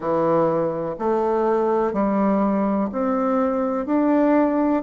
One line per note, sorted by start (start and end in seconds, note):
0.00 0.95 E3
0.99 1.93 A3
1.93 2.90 G3
2.92 3.85 C4
3.85 4.82 D4